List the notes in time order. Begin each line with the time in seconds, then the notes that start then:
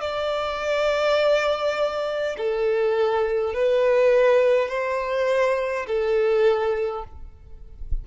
0.00 D5
2.37 A4
3.53 B4
4.68 C5
5.87 A4